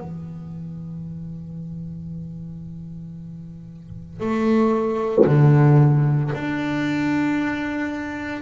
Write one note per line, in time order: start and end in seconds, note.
0.00 4.20 E3
4.20 5.25 A3
5.26 6.31 D3
6.34 8.42 D4